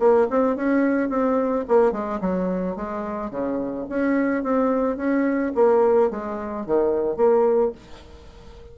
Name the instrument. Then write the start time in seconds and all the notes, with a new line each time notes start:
bassoon
0.00 A#3
0.31 C4
0.56 C#4
1.09 C4
1.68 A#3
1.92 G#3
2.21 F#3
2.76 G#3
3.31 C#3
3.89 C#4
4.44 C4
4.97 C#4
5.55 A#3
6.11 G#3
6.66 D#3
7.17 A#3